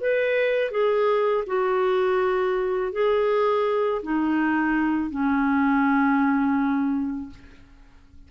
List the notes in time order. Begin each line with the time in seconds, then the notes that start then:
0.00 B4
0.71 G#4
1.47 F#4
2.92 G#4
4.02 D#4
5.10 C#4